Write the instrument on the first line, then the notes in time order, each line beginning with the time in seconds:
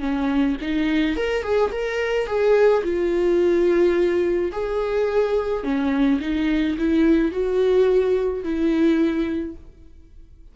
viola
0.00 C#4
0.61 D#4
1.16 A#4
1.43 G#4
1.72 A#4
2.27 G#4
2.84 F4
4.52 G#4
5.64 C#4
6.21 D#4
6.78 E4
7.32 F#4
8.44 E4